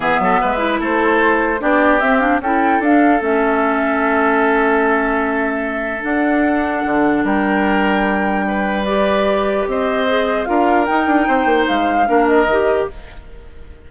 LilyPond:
<<
  \new Staff \with { instrumentName = "flute" } { \time 4/4 \tempo 4 = 149 e''2 c''2 | d''4 e''8 f''8 g''4 f''4 | e''1~ | e''2. fis''4~ |
fis''2 g''2~ | g''2 d''2 | dis''2 f''4 g''4~ | g''4 f''4. dis''4. | }
  \new Staff \with { instrumentName = "oboe" } { \time 4/4 gis'8 a'8 b'4 a'2 | g'2 a'2~ | a'1~ | a'1~ |
a'2 ais'2~ | ais'4 b'2. | c''2 ais'2 | c''2 ais'2 | }
  \new Staff \with { instrumentName = "clarinet" } { \time 4/4 b4. e'2~ e'8 | d'4 c'8 d'8 e'4 d'4 | cis'1~ | cis'2. d'4~ |
d'1~ | d'2 g'2~ | g'4 gis'4 f'4 dis'4~ | dis'2 d'4 g'4 | }
  \new Staff \with { instrumentName = "bassoon" } { \time 4/4 e8 fis8 gis4 a2 | b4 c'4 cis'4 d'4 | a1~ | a2. d'4~ |
d'4 d4 g2~ | g1 | c'2 d'4 dis'8 d'8 | c'8 ais8 gis4 ais4 dis4 | }
>>